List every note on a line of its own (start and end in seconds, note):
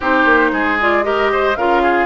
0.00 0.25 C4
0.00 0.79 D#4
0.00 0.51 G4
0.00 0.80 C5
0.25 0.51 A#3
0.52 1.56 G#3
0.52 1.04 G#4
0.80 1.03 F4
0.80 1.03 D5
1.03 1.55 G4
1.03 1.31 A#4
1.03 1.56 D#5
1.32 1.57 C5
1.56 2.06 C#3
1.56 2.06 F4
1.56 1.82 A#4
1.56 2.06 F5
1.82 2.06 G#4